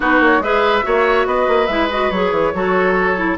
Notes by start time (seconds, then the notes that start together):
0.00 B3 D#4 F#4 B4
0.19 A#3 C#5
0.39 G#3 G#4 B4 E5
0.82 A#3 F#4 C#5
1.26 B3 B4 D#5
1.48 A#3
1.66 G#3 E4 E5
1.90 F#4 D#5
2.10 F#3 G#4 C#5
2.31 E3
2.54 F#3 F#4 A4
3.16 E4